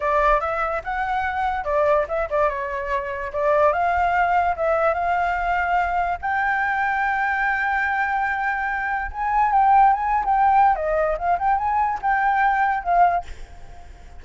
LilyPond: \new Staff \with { instrumentName = "flute" } { \time 4/4 \tempo 4 = 145 d''4 e''4 fis''2 | d''4 e''8 d''8 cis''2 | d''4 f''2 e''4 | f''2. g''4~ |
g''1~ | g''2 gis''4 g''4 | gis''8. g''4~ g''16 dis''4 f''8 g''8 | gis''4 g''2 f''4 | }